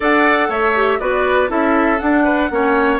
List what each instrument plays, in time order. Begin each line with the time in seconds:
0.00 bassoon D4, clarinet A4, oboe D5, flute F#5
0.48 bassoon A3, oboe C#5, flute E5
0.75 clarinet G4
0.99 bassoon B3, clarinet F#4, oboe B4, flute D5
1.47 bassoon C#4, clarinet E4, oboe A4, flute E5
1.98 clarinet D4, bassoon D4, flute F#5
2.23 oboe B4
2.50 bassoon A#3, clarinet C#4, oboe C#5